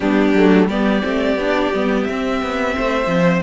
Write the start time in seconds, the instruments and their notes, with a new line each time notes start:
0.00 cello G3, viola B3, violin D4 G4
0.33 cello F#3, viola A3
0.68 cello G3, viola B3, violin G4 D5
1.02 cello A3, viola C4
1.35 cello B3, viola D4
1.74 cello G3, viola B3
2.03 viola C4, cello C4, violin E5
2.42 cello B3
2.76 cello A3, violin C5
3.06 cello F3